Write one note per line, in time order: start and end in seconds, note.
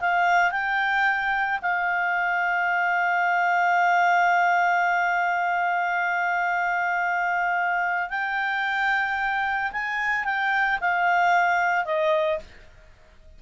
0.00 0.51 F5
0.51 1.59 G5
1.61 8.10 F5
8.10 9.72 G5
9.72 10.25 G#5
10.25 10.79 G5
10.81 11.85 F5
11.85 12.39 D#5